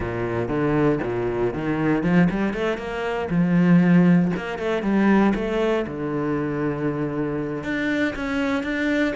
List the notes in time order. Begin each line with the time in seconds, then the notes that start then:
0.00 A#2
0.48 D3
1.03 A#2
1.53 D#3
2.03 F3
2.30 G3
2.53 A3
2.77 A#3
3.30 F3
4.36 A#3
4.58 A3
4.82 G3
5.35 A3
5.86 D3
7.63 D4
8.15 C#4
8.63 D4